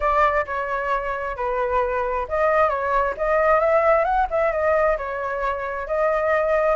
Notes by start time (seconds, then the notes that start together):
0.00 D5
0.46 C#5
1.36 B4
2.28 D#5
2.69 C#5
3.17 D#5
3.60 E5
4.04 F#5
4.30 E5
4.52 D#5
4.97 C#5
5.87 D#5